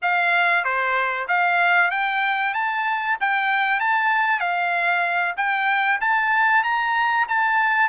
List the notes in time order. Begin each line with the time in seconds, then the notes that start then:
0.01 F5
0.64 C5
1.27 F5
1.91 G5
2.54 A5
3.20 G5
3.80 A5
4.40 F5
5.37 G5
6.00 A5
6.63 A#5
7.28 A5